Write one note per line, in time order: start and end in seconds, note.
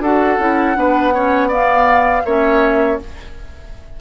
0.00 0.37 D4
0.00 0.40 F#4
0.00 0.77 A4
0.00 1.51 F#5
0.39 0.76 C#4
0.39 0.75 E4
0.75 2.24 B3
0.75 1.12 D4
0.75 1.14 B4
1.14 1.50 C#4
1.14 1.48 C#5
1.48 2.24 B3
1.48 2.23 D5
1.48 2.25 F5
2.25 2.99 A#3
2.25 3.01 C#4
2.25 3.00 C#5
2.25 2.99 E5